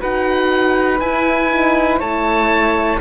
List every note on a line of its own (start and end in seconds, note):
0.00 1.01 D#4
0.00 1.00 F#4
0.00 1.99 B4
0.00 1.00 F#5
1.00 2.00 E4
1.00 1.51 E4
1.00 2.00 G#5
1.51 2.01 D#4
1.99 3.00 A3
1.99 3.01 E4
1.99 2.99 C#5
1.99 3.01 A5